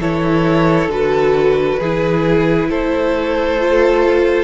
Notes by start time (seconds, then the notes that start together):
0.00 E3 E4 A4 C#5
0.87 D3 F#4 B4
1.79 E3 E4 G#4
2.69 A3 A4 C5
3.60 F4